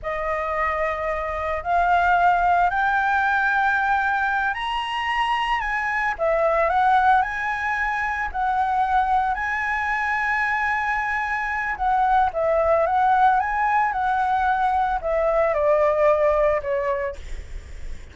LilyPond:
\new Staff \with { instrumentName = "flute" } { \time 4/4 \tempo 4 = 112 dis''2. f''4~ | f''4 g''2.~ | g''8 ais''2 gis''4 e''8~ | e''8 fis''4 gis''2 fis''8~ |
fis''4. gis''2~ gis''8~ | gis''2 fis''4 e''4 | fis''4 gis''4 fis''2 | e''4 d''2 cis''4 | }